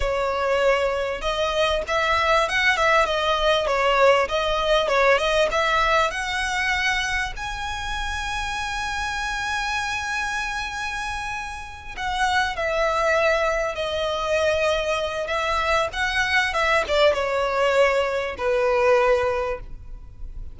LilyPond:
\new Staff \with { instrumentName = "violin" } { \time 4/4 \tempo 4 = 98 cis''2 dis''4 e''4 | fis''8 e''8 dis''4 cis''4 dis''4 | cis''8 dis''8 e''4 fis''2 | gis''1~ |
gis''2.~ gis''8 fis''8~ | fis''8 e''2 dis''4.~ | dis''4 e''4 fis''4 e''8 d''8 | cis''2 b'2 | }